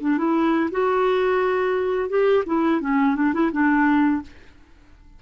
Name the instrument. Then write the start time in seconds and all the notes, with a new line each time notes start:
clarinet
0.00 D4
0.17 E4
0.71 F#4
2.09 G4
2.46 E4
2.80 C#4
3.16 D4
3.33 E4
3.52 D4